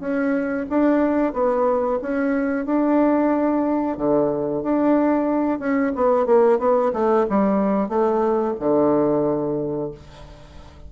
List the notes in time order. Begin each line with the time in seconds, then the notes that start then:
0.00 C#4
0.70 D4
1.33 B3
2.02 C#4
2.66 D4
3.97 D3
4.63 D4
5.59 C#4
5.95 B3
6.26 A#3
6.59 B3
6.93 A3
7.30 G3
7.89 A3
8.60 D3